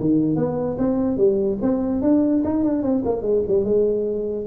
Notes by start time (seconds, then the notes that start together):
0.00 D#3
0.36 B3
0.78 C4
1.17 G3
1.62 C4
2.01 D4
2.44 D#4
2.64 D4
2.83 C4
3.05 A#3
3.22 G#3
3.47 G3
3.64 G#3